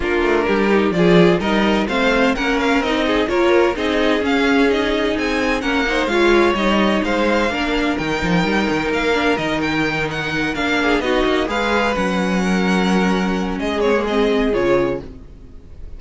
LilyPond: <<
  \new Staff \with { instrumentName = "violin" } { \time 4/4 \tempo 4 = 128 ais'2 d''4 dis''4 | f''4 fis''8 f''8 dis''4 cis''4 | dis''4 f''4 dis''4 gis''4 | fis''4 f''4 dis''4 f''4~ |
f''4 g''2 f''4 | dis''8 g''4 fis''4 f''4 dis''8~ | dis''8 f''4 fis''2~ fis''8~ | fis''4 dis''8 cis''8 dis''4 cis''4 | }
  \new Staff \with { instrumentName = "violin" } { \time 4/4 f'4 g'4 gis'4 ais'4 | c''4 ais'4. gis'8 ais'4 | gis'1 | ais'8 c''8 cis''2 c''4 |
ais'1~ | ais'2. gis'8 fis'8~ | fis'8 b'2 ais'4.~ | ais'4 gis'2. | }
  \new Staff \with { instrumentName = "viola" } { \time 4/4 d'4. dis'8 f'4 dis'4 | c'4 cis'4 dis'4 f'4 | dis'4 cis'4 dis'2 | cis'8 dis'8 f'4 dis'2 |
d'4 dis'2~ dis'8 d'8 | dis'2~ dis'8 d'4 dis'8~ | dis'8 gis'4 cis'2~ cis'8~ | cis'4. c'16 ais16 c'4 f'4 | }
  \new Staff \with { instrumentName = "cello" } { \time 4/4 ais8 a8 g4 f4 g4 | a4 ais4 c'4 ais4 | c'4 cis'2 c'4 | ais4 gis4 g4 gis4 |
ais4 dis8 f8 g8 dis8 ais4 | dis2~ dis8 ais4 b8 | ais8 gis4 fis2~ fis8~ | fis4 gis2 cis4 | }
>>